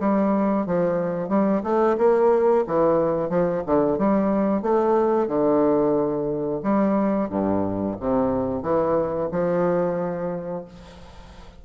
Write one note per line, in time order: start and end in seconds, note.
0.00 0.66 G3
0.66 1.29 F3
1.29 1.62 G3
1.63 1.97 A3
1.98 2.65 A#3
2.67 3.29 E3
3.29 3.63 F3
3.66 3.98 D3
3.98 4.62 G3
4.62 5.28 A3
5.28 6.62 D3
6.63 7.30 G3
7.30 7.96 G2
8.00 8.63 C3
8.63 9.29 E3
9.32 10.65 F3